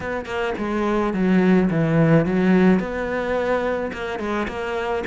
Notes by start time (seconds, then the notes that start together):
0.00 B3
0.25 A#3
0.58 G#3
1.13 F#3
1.70 E3
2.25 F#3
2.79 B3
3.92 A#3
4.19 G#3
4.48 A#3